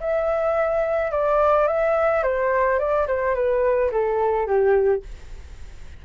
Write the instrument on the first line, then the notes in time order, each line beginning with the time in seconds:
flute
0.00 E5
1.11 D5
1.67 E5
2.23 C5
2.79 D5
3.07 C5
3.34 B4
3.92 A4
4.47 G4